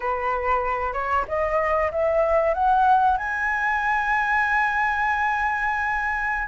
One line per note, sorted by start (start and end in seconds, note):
0.00 0.93 B4
0.93 1.24 C#5
1.27 1.91 D#5
1.91 2.53 E5
2.53 3.17 F#5
3.17 6.47 G#5